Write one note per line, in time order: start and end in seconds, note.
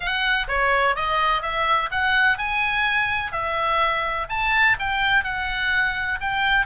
0.00 0.47 F#5
0.48 0.95 C#5
0.95 1.42 D#5
1.42 1.89 E5
1.91 2.37 F#5
2.37 3.32 G#5
3.32 4.27 E5
4.29 4.76 A5
4.79 5.24 G5
5.24 6.19 F#5
6.20 6.66 G5